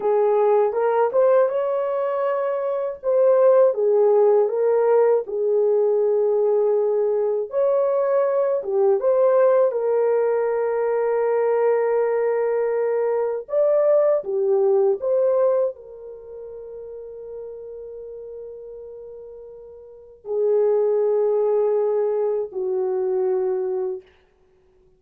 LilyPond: \new Staff \with { instrumentName = "horn" } { \time 4/4 \tempo 4 = 80 gis'4 ais'8 c''8 cis''2 | c''4 gis'4 ais'4 gis'4~ | gis'2 cis''4. g'8 | c''4 ais'2.~ |
ais'2 d''4 g'4 | c''4 ais'2.~ | ais'2. gis'4~ | gis'2 fis'2 | }